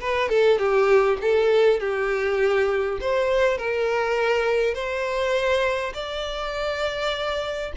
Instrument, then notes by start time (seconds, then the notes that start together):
violin
0.00 B4
0.29 A4
0.59 G4
1.22 A4
1.80 G4
3.01 C5
3.58 A#4
4.74 C5
5.94 D5